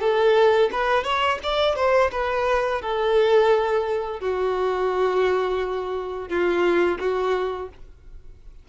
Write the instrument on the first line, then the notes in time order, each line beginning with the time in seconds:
violin
0.00 A4
0.72 B4
1.04 C#5
1.43 D5
1.76 C5
2.12 B4
2.81 A4
4.20 F#4
6.29 F4
6.99 F#4